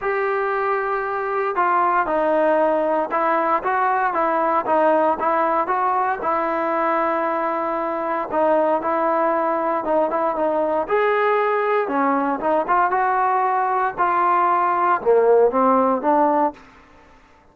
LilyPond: \new Staff \with { instrumentName = "trombone" } { \time 4/4 \tempo 4 = 116 g'2. f'4 | dis'2 e'4 fis'4 | e'4 dis'4 e'4 fis'4 | e'1 |
dis'4 e'2 dis'8 e'8 | dis'4 gis'2 cis'4 | dis'8 f'8 fis'2 f'4~ | f'4 ais4 c'4 d'4 | }